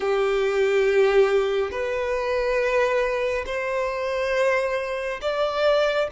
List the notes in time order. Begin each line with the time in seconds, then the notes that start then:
0.00 G4
1.71 B4
3.46 C5
5.21 D5